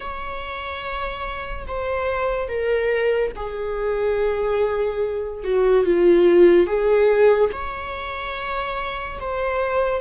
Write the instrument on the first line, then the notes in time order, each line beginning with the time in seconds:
viola
0.00 C#5
1.67 C5
2.48 A#4
3.36 G#4
5.44 F#4
5.85 F4
6.66 G#4
7.52 C#5
9.20 C5